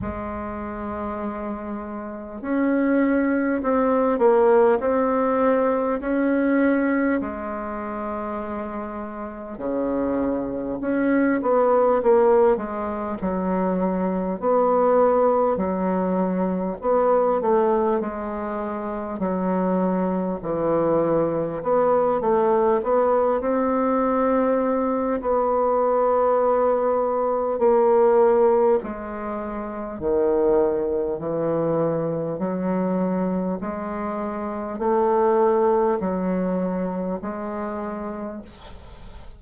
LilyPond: \new Staff \with { instrumentName = "bassoon" } { \time 4/4 \tempo 4 = 50 gis2 cis'4 c'8 ais8 | c'4 cis'4 gis2 | cis4 cis'8 b8 ais8 gis8 fis4 | b4 fis4 b8 a8 gis4 |
fis4 e4 b8 a8 b8 c'8~ | c'4 b2 ais4 | gis4 dis4 e4 fis4 | gis4 a4 fis4 gis4 | }